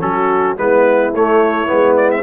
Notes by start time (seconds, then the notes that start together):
0.00 F#3 C#4 F#4 A4
0.57 G#3 B3 E4 B4
1.13 A3 C#5
1.67 G#3 B3
1.96 D5
2.11 E5